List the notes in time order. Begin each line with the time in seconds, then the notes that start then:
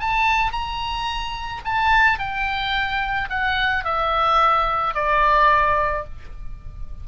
0.00 A5
0.52 A#5
1.65 A5
2.19 G5
3.30 F#5
3.85 E5
4.95 D5